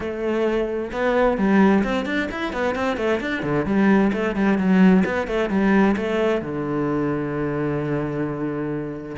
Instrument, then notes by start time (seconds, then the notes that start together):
cello
0.00 A3
0.92 B3
1.37 G3
1.83 C4
2.05 D4
2.31 E4
2.53 B3
2.75 C4
2.96 A3
3.20 D4
3.42 D3
3.65 G3
4.12 A3
4.35 G3
4.57 F#3
5.05 B3
5.27 A3
5.49 G3
5.96 A3
6.41 D3